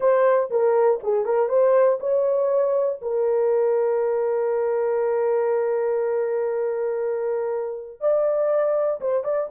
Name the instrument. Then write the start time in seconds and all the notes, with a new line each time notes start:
horn
0.00 C5
0.50 A#4
1.02 G#4
1.25 A#4
1.49 C5
2.00 C#5
3.01 A#4
8.00 D5
9.00 C5
9.24 D5